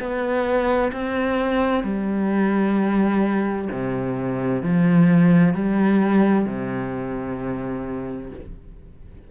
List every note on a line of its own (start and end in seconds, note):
0.00 0.92 B3
0.93 1.84 C4
1.84 3.69 G3
3.72 4.63 C3
4.63 5.55 F3
5.55 6.46 G3
6.46 8.31 C3